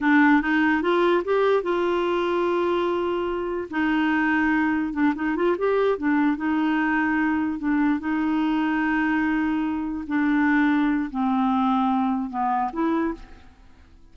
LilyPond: \new Staff \with { instrumentName = "clarinet" } { \time 4/4 \tempo 4 = 146 d'4 dis'4 f'4 g'4 | f'1~ | f'4 dis'2. | d'8 dis'8 f'8 g'4 d'4 dis'8~ |
dis'2~ dis'8 d'4 dis'8~ | dis'1~ | dis'8 d'2~ d'8 c'4~ | c'2 b4 e'4 | }